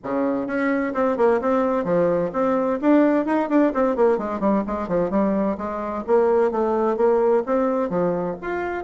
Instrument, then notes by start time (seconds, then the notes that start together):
bassoon
0.03 C#3
0.46 C#4
0.93 C4
1.17 A#3
1.41 C4
1.84 F3
2.32 C4
2.81 D4
3.25 D#4
3.49 D4
3.74 C4
3.96 A#3
4.17 G#3
4.40 G3
4.67 G#3
4.88 F3
5.10 G3
5.57 G#3
6.06 A#3
6.51 A3
6.96 A#3
7.46 C4
7.89 F3
8.41 F4